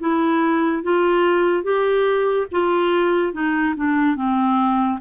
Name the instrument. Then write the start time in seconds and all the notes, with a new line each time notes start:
clarinet
0.00 E4
0.83 F4
1.64 G4
2.52 F4
3.33 D#4
3.77 D4
4.16 C4